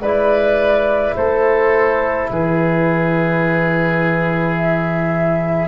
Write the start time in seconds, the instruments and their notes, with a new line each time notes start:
0.00 tuba G#3, trombone E4, oboe B4, flute D5
1.16 tuba A3, oboe A4, flute C5
2.30 tuba E3, oboe G#4, flute B4
4.56 flute E5